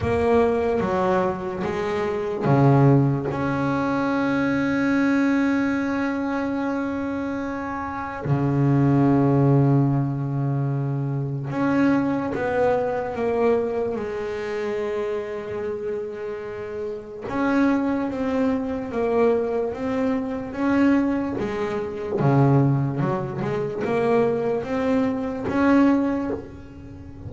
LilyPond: \new Staff \with { instrumentName = "double bass" } { \time 4/4 \tempo 4 = 73 ais4 fis4 gis4 cis4 | cis'1~ | cis'2 cis2~ | cis2 cis'4 b4 |
ais4 gis2.~ | gis4 cis'4 c'4 ais4 | c'4 cis'4 gis4 cis4 | fis8 gis8 ais4 c'4 cis'4 | }